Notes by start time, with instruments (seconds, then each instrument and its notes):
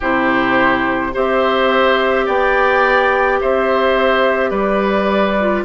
0.00 bassoon C3, clarinet E4, oboe G4, flute C5
1.12 bassoon C4, clarinet G4, oboe C5, flute E5
2.25 bassoon B3, oboe D5, flute G5
3.40 bassoon C4, oboe C5, flute E5
4.50 bassoon G3, oboe B4, flute D5
5.40 clarinet F4